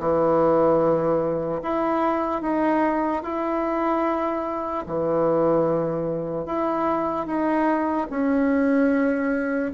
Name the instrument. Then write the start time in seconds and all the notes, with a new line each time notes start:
bassoon
0.00 E3
1.63 E4
2.42 D#4
3.23 E4
4.87 E3
6.46 E4
7.27 D#4
8.10 C#4